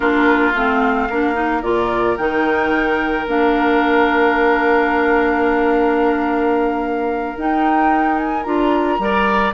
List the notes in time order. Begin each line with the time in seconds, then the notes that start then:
0.00 A#3 D4 F4 A#4
0.54 A3 C4 F5
1.09 A#3 D4 A#4
1.34 D#4
1.62 A#2 F4 D5
2.17 D#3 D#4 G5
3.26 A#3 D4 F5
7.37 D#4 G5
8.17 G#5
8.43 D4 F4 A#5
8.98 G3 A#4 D5